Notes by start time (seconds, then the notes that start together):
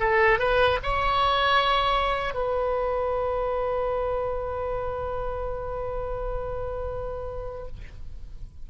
0.00 A4
0.39 B4
0.83 C#5
2.34 B4